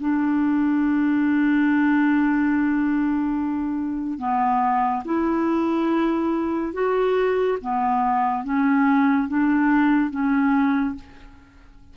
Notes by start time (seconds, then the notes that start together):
0.00 D4
4.18 B3
5.05 E4
6.73 F#4
7.61 B3
8.44 C#4
9.28 D4
10.11 C#4